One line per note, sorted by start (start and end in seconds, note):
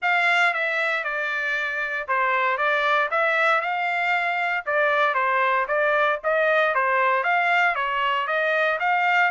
0.02 0.53 F5
0.53 1.03 E5
1.03 2.07 D5
2.07 2.57 C5
2.57 3.09 D5
3.11 3.61 E5
3.61 4.64 F5
4.66 5.14 D5
5.14 5.66 C5
5.67 6.19 D5
6.23 6.75 D#5
6.75 7.23 C5
7.23 7.75 F5
7.75 8.27 C#5
8.27 8.78 D#5
8.79 9.31 F5